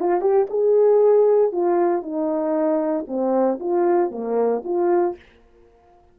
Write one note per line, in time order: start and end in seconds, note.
0.00 0.21 F4
0.21 0.47 G4
0.50 1.52 G#4
1.52 2.02 F4
2.02 3.06 D#4
3.08 3.59 C4
3.60 4.11 F4
4.11 4.63 A#3
4.64 5.16 F4